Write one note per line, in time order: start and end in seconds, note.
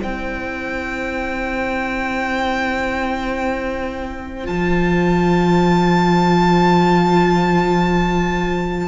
0.00 4.48 C4
0.00 4.44 E4
0.00 8.88 C5
0.00 4.47 G5
4.44 8.88 F3
4.44 8.88 F4
4.44 8.88 A5